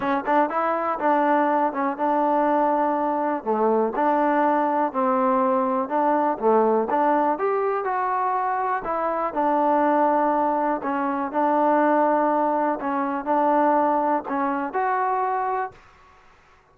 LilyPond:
\new Staff \with { instrumentName = "trombone" } { \time 4/4 \tempo 4 = 122 cis'8 d'8 e'4 d'4. cis'8 | d'2. a4 | d'2 c'2 | d'4 a4 d'4 g'4 |
fis'2 e'4 d'4~ | d'2 cis'4 d'4~ | d'2 cis'4 d'4~ | d'4 cis'4 fis'2 | }